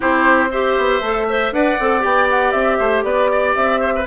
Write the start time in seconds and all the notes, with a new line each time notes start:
0.00 C4 E4 G4 C5
0.51 G4 C5 E5
0.78 B3
1.00 A3 A4
1.28 C5 E5
1.52 D4 B4 D5 F#5
1.79 C4 A4
2.00 B3 G4 G5
2.29 F#5
2.51 C4 E5
2.78 A3 C5
3.03 B3 B4 D5
3.31 D5
3.55 C4 E5
3.80 C5
3.95 B4